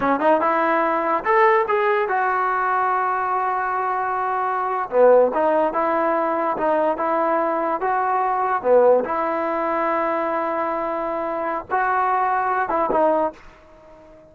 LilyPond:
\new Staff \with { instrumentName = "trombone" } { \time 4/4 \tempo 4 = 144 cis'8 dis'8 e'2 a'4 | gis'4 fis'2.~ | fis'2.~ fis'8. b16~ | b8. dis'4 e'2 dis'16~ |
dis'8. e'2 fis'4~ fis'16~ | fis'8. b4 e'2~ e'16~ | e'1 | fis'2~ fis'8 e'8 dis'4 | }